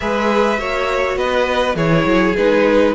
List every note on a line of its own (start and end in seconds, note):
0.00 0.58 G#3
0.00 0.57 G#4
0.00 0.59 B4
0.00 1.17 E5
0.57 1.16 A#3
0.57 1.75 F#4
0.57 1.18 C#5
1.16 1.75 B3
1.16 1.76 B4
1.16 1.75 D#5
1.75 2.04 E3
1.75 2.35 E4
1.75 2.93 G#4
1.75 2.35 C#5
2.05 2.34 F#3
2.36 2.94 G#3
2.36 2.94 D#4
2.36 2.94 B4